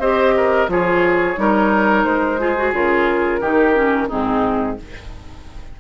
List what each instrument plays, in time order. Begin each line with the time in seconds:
0.00 bassoon C4, clarinet G4, oboe C5, flute D#5
0.37 oboe A#4
0.68 bassoon F3, clarinet F4, oboe G#4, flute C#5
1.36 bassoon G3, clarinet D#4, oboe A#4
2.05 bassoon G#3, flute C5
2.39 clarinet F4, oboe G#4
2.57 clarinet F#4
2.73 bassoon C#3, clarinet F4, flute A#4
3.41 bassoon D#3, clarinet D#4, oboe G4
3.74 clarinet C#4
4.09 bassoon G#2, clarinet C4, oboe D#4, flute G#4